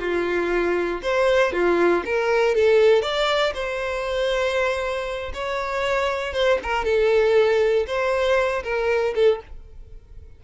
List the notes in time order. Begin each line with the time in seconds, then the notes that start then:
0.00 F4
1.02 C5
1.53 F4
2.06 A#4
2.55 A4
3.02 D5
3.55 C5
5.34 C#5
6.34 C5
6.63 A#4
6.85 A4
7.87 C5
8.63 A#4
9.15 A4